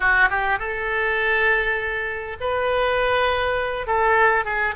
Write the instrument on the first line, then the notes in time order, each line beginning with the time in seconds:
oboe
0.00 F#4
0.30 G4
0.58 A4
2.40 B4
3.86 A4
4.44 G#4